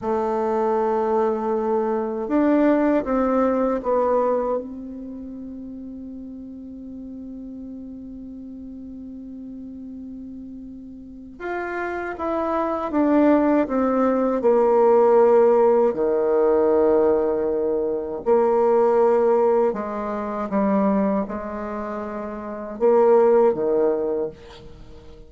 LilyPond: \new Staff \with { instrumentName = "bassoon" } { \time 4/4 \tempo 4 = 79 a2. d'4 | c'4 b4 c'2~ | c'1~ | c'2. f'4 |
e'4 d'4 c'4 ais4~ | ais4 dis2. | ais2 gis4 g4 | gis2 ais4 dis4 | }